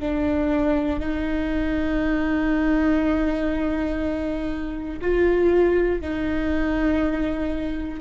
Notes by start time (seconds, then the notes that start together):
0.00 D4
1.00 D#4
5.01 F4
6.01 D#4